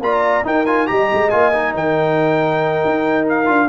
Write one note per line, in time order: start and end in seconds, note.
0.00 0.43 A#3
0.00 0.44 F4
0.00 0.46 D5
0.00 0.45 A#5
0.44 0.65 D#4
0.44 0.88 D#4
0.44 0.90 A#4
0.44 0.65 G5
0.65 0.87 F4
0.65 0.87 G#5
0.87 1.12 G3
0.87 1.30 G4
0.87 1.74 D#5
0.87 1.29 A#5
1.13 1.32 G#3
1.29 1.75 A#3
1.29 1.53 F4
1.29 1.73 G#5
1.53 3.45 D#4
1.74 2.82 D#3
1.74 3.68 A#4
1.74 3.27 G5
2.85 3.49 D#4
3.28 3.69 F5
3.45 3.69 D4
3.45 3.67 F4